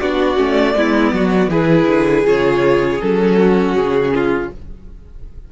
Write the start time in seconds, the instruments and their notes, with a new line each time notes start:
0.00 cello B3, viola D4, violin F#4 D5
0.37 cello A3, viola C#4
0.75 cello G#3, viola B3, violin E4
1.13 cello F#3, violin F#4
1.48 cello E3, viola E4, violin G#4 B4
1.88 cello D3
2.26 cello C#3, viola F4, violin C#5
3.01 cello F#3, viola C#4, violin A4
3.39 violin F#4
3.75 cello C#3, violin G#4
4.15 violin F4